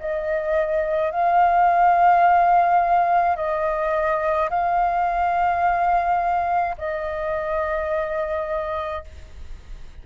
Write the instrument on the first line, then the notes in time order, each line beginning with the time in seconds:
flute
0.00 D#5
1.11 F5
3.37 D#5
4.50 F5
6.78 D#5